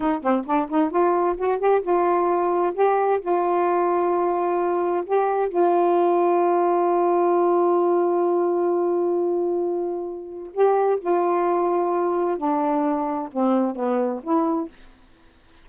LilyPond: \new Staff \with { instrumentName = "saxophone" } { \time 4/4 \tempo 4 = 131 dis'8 c'8 d'8 dis'8 f'4 fis'8 g'8 | f'2 g'4 f'4~ | f'2. g'4 | f'1~ |
f'1~ | f'2. g'4 | f'2. d'4~ | d'4 c'4 b4 e'4 | }